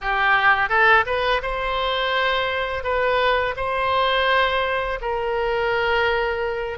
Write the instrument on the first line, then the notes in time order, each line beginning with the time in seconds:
oboe
0.01 G4
0.69 A4
1.06 B4
1.42 C5
2.83 B4
3.56 C5
5.01 A#4